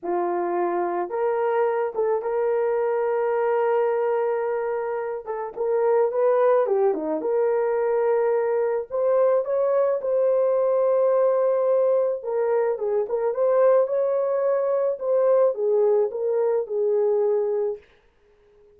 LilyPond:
\new Staff \with { instrumentName = "horn" } { \time 4/4 \tempo 4 = 108 f'2 ais'4. a'8 | ais'1~ | ais'4. a'8 ais'4 b'4 | g'8 dis'8 ais'2. |
c''4 cis''4 c''2~ | c''2 ais'4 gis'8 ais'8 | c''4 cis''2 c''4 | gis'4 ais'4 gis'2 | }